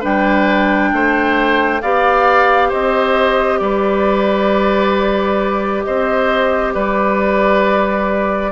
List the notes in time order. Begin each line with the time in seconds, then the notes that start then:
0.00 G3 D4 B4 G5
0.93 A3 C5
1.82 B3 G4 D5 F5
2.69 C4 C5 D#5
3.59 G3 B4 D5
5.83 C4 C5 D#5
6.74 G3 B4 D5